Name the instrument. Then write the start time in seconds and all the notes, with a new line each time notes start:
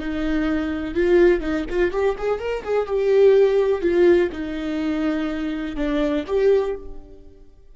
viola
0.00 D#4
0.95 F4
1.41 D#4
1.70 F4
1.92 G4
2.18 G#4
2.40 A#4
2.64 G#4
2.87 G4
3.82 F4
4.32 D#4
5.76 D4
6.27 G4